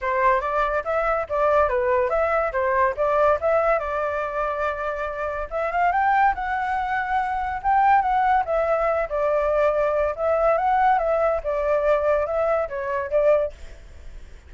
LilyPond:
\new Staff \with { instrumentName = "flute" } { \time 4/4 \tempo 4 = 142 c''4 d''4 e''4 d''4 | b'4 e''4 c''4 d''4 | e''4 d''2.~ | d''4 e''8 f''8 g''4 fis''4~ |
fis''2 g''4 fis''4 | e''4. d''2~ d''8 | e''4 fis''4 e''4 d''4~ | d''4 e''4 cis''4 d''4 | }